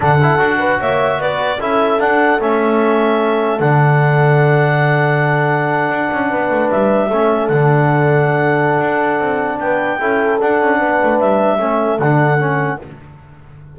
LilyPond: <<
  \new Staff \with { instrumentName = "clarinet" } { \time 4/4 \tempo 4 = 150 fis''2 e''4 d''4 | e''4 fis''4 e''2~ | e''4 fis''2.~ | fis''1~ |
fis''8. e''2 fis''4~ fis''16~ | fis''1 | g''2 fis''2 | e''2 fis''2 | }
  \new Staff \with { instrumentName = "horn" } { \time 4/4 a'4. b'8 cis''4 b'4 | a'1~ | a'1~ | a'2.~ a'8. b'16~ |
b'4.~ b'16 a'2~ a'16~ | a'1 | b'4 a'2 b'4~ | b'4 a'2. | }
  \new Staff \with { instrumentName = "trombone" } { \time 4/4 d'8 e'8 fis'2. | e'4 d'4 cis'2~ | cis'4 d'2.~ | d'1~ |
d'4.~ d'16 cis'4 d'4~ d'16~ | d'1~ | d'4 e'4 d'2~ | d'4 cis'4 d'4 cis'4 | }
  \new Staff \with { instrumentName = "double bass" } { \time 4/4 d4 d'4 ais4 b4 | cis'4 d'4 a2~ | a4 d2.~ | d2~ d8. d'8 cis'8 b16~ |
b16 a8 g4 a4 d4~ d16~ | d2 d'4 c'4 | b4 cis'4 d'8 cis'8 b8 a8 | g4 a4 d2 | }
>>